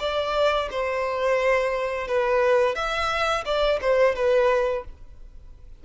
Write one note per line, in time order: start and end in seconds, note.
0.00 0.69 D5
0.71 2.08 C5
2.08 2.76 B4
2.76 3.45 E5
3.45 3.80 D5
3.82 4.16 C5
4.16 4.85 B4